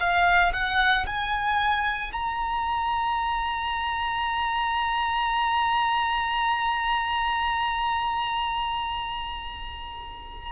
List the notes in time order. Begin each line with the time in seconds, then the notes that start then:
0.00 F5
0.53 F#5
1.07 G#5
2.13 A#5